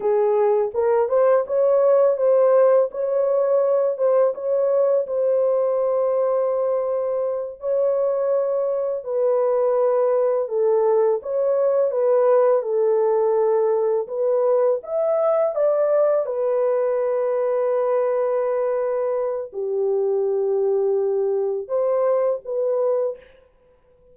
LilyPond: \new Staff \with { instrumentName = "horn" } { \time 4/4 \tempo 4 = 83 gis'4 ais'8 c''8 cis''4 c''4 | cis''4. c''8 cis''4 c''4~ | c''2~ c''8 cis''4.~ | cis''8 b'2 a'4 cis''8~ |
cis''8 b'4 a'2 b'8~ | b'8 e''4 d''4 b'4.~ | b'2. g'4~ | g'2 c''4 b'4 | }